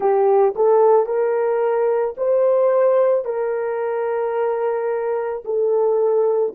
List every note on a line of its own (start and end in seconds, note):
0.00 0.54 G4
0.55 1.06 A4
1.06 2.15 A#4
2.17 3.24 C5
3.24 5.42 A#4
5.44 6.54 A4